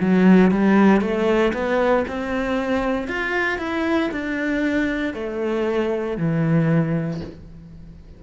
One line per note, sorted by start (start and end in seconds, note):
0.00 0.51 F#3
0.51 1.01 G3
1.01 1.52 A3
1.53 2.05 B3
2.07 3.08 C4
3.08 3.58 F4
3.58 4.10 E4
4.11 5.13 D4
5.13 6.17 A3
6.17 7.20 E3